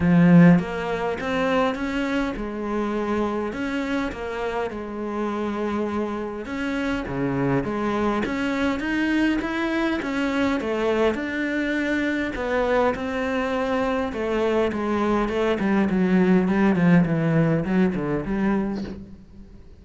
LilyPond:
\new Staff \with { instrumentName = "cello" } { \time 4/4 \tempo 4 = 102 f4 ais4 c'4 cis'4 | gis2 cis'4 ais4 | gis2. cis'4 | cis4 gis4 cis'4 dis'4 |
e'4 cis'4 a4 d'4~ | d'4 b4 c'2 | a4 gis4 a8 g8 fis4 | g8 f8 e4 fis8 d8 g4 | }